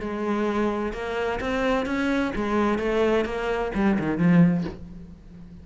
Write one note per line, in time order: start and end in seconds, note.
0.00 0.93 G#3
0.93 1.39 A#3
1.40 1.86 C4
1.86 2.32 C#4
2.36 2.79 G#3
2.79 3.25 A3
3.25 3.71 A#3
3.75 3.98 G3
3.99 4.18 D#3
4.18 4.64 F3